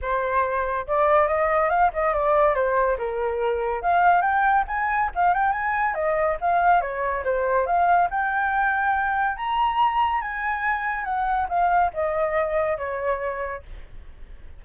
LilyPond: \new Staff \with { instrumentName = "flute" } { \time 4/4 \tempo 4 = 141 c''2 d''4 dis''4 | f''8 dis''8 d''4 c''4 ais'4~ | ais'4 f''4 g''4 gis''4 | f''8 g''8 gis''4 dis''4 f''4 |
cis''4 c''4 f''4 g''4~ | g''2 ais''2 | gis''2 fis''4 f''4 | dis''2 cis''2 | }